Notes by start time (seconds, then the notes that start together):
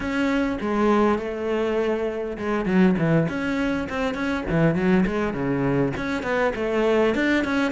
0.00 C#4
0.60 G#3
1.18 A3
2.37 G#3
2.65 F#3
2.98 E3
3.28 C#4
3.89 C4
4.14 C#4
4.49 E3
4.75 F#3
5.06 G#3
5.33 C#3
5.96 C#4
6.22 B3
6.55 A3
7.14 D4
7.44 C#4